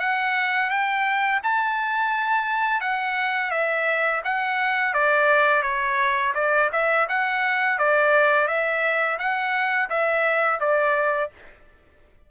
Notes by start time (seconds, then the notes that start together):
0.00 F#5
0.70 G5
1.43 A5
2.81 F#5
3.51 E5
4.24 F#5
4.94 D5
5.63 C#5
6.35 D5
6.73 E5
7.09 F#5
7.78 D5
8.48 E5
9.19 F#5
9.90 E5
10.60 D5